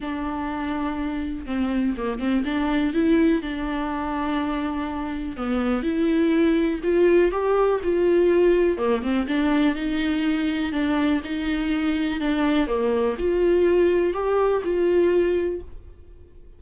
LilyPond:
\new Staff \with { instrumentName = "viola" } { \time 4/4 \tempo 4 = 123 d'2. c'4 | ais8 c'8 d'4 e'4 d'4~ | d'2. b4 | e'2 f'4 g'4 |
f'2 ais8 c'8 d'4 | dis'2 d'4 dis'4~ | dis'4 d'4 ais4 f'4~ | f'4 g'4 f'2 | }